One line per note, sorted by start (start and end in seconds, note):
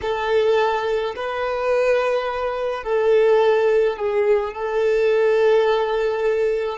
0.01 1.14 A4
1.15 2.83 B4
2.83 3.96 A4
3.96 4.52 G#4
4.52 6.78 A4